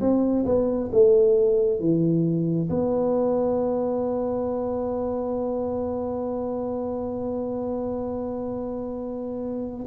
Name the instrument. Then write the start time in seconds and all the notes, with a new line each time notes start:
tuba
0.00 C4
0.45 B3
0.92 A3
1.79 E3
2.69 B3